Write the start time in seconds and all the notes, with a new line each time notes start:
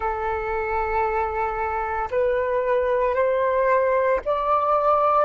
0.00 A4
2.11 B4
3.14 C5
4.25 D5